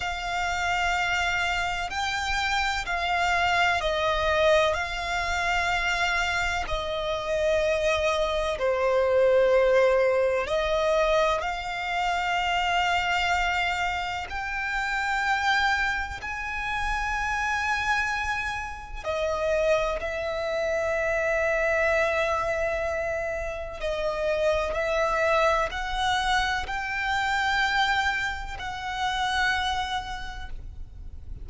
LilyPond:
\new Staff \with { instrumentName = "violin" } { \time 4/4 \tempo 4 = 63 f''2 g''4 f''4 | dis''4 f''2 dis''4~ | dis''4 c''2 dis''4 | f''2. g''4~ |
g''4 gis''2. | dis''4 e''2.~ | e''4 dis''4 e''4 fis''4 | g''2 fis''2 | }